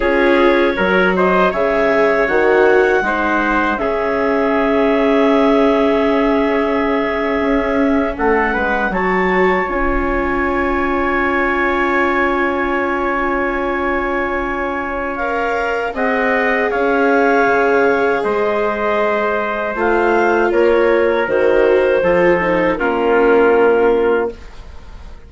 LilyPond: <<
  \new Staff \with { instrumentName = "clarinet" } { \time 4/4 \tempo 4 = 79 cis''4. dis''8 e''4 fis''4~ | fis''4 e''2.~ | e''2~ e''8. fis''4 a''16~ | a''8. gis''2.~ gis''16~ |
gis''1 | f''4 fis''4 f''2 | dis''2 f''4 cis''4 | c''2 ais'2 | }
  \new Staff \with { instrumentName = "trumpet" } { \time 4/4 gis'4 ais'8 c''8 cis''2 | c''4 gis'2.~ | gis'2~ gis'8. a'8 b'8 cis''16~ | cis''1~ |
cis''1~ | cis''4 dis''4 cis''2 | c''2. ais'4~ | ais'4 a'4 f'2 | }
  \new Staff \with { instrumentName = "viola" } { \time 4/4 f'4 fis'4 gis'4 fis'4 | dis'4 cis'2.~ | cis'2.~ cis'8. fis'16~ | fis'8. f'2.~ f'16~ |
f'1 | ais'4 gis'2.~ | gis'2 f'2 | fis'4 f'8 dis'8 cis'2 | }
  \new Staff \with { instrumentName = "bassoon" } { \time 4/4 cis'4 fis4 cis4 dis4 | gis4 cis2.~ | cis4.~ cis16 cis'4 a8 gis8 fis16~ | fis8. cis'2.~ cis'16~ |
cis'1~ | cis'4 c'4 cis'4 cis4 | gis2 a4 ais4 | dis4 f4 ais2 | }
>>